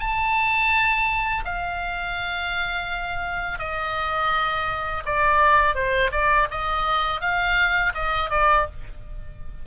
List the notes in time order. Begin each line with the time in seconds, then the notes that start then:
0.00 A5
1.45 F5
3.59 D#5
5.06 D5
5.75 C5
6.12 D5
6.51 D#5
7.21 F5
7.95 D#5
8.31 D5